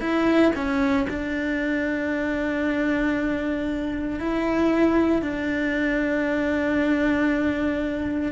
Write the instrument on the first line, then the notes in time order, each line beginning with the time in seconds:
cello
0.00 E4
0.55 C#4
1.09 D4
4.19 E4
5.21 D4